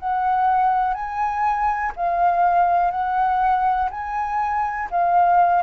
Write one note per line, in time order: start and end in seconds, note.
0.00 0.94 F#5
0.94 1.93 G#5
1.97 2.92 F5
2.92 3.90 F#5
3.91 4.90 G#5
4.91 5.63 F5